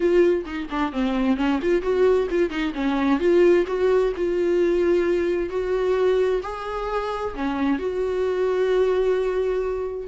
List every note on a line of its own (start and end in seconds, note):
0.00 0.45 F4
0.45 0.68 D#4
0.70 0.92 D4
0.92 1.37 C4
1.37 1.59 C#4
1.62 1.82 F4
1.82 2.28 F#4
2.30 2.50 F4
2.50 2.73 D#4
2.74 3.19 C#4
3.19 3.65 F4
3.66 4.12 F#4
4.16 5.49 F4
5.49 6.41 F#4
6.42 7.34 G#4
7.34 7.78 C#4
7.78 10.07 F#4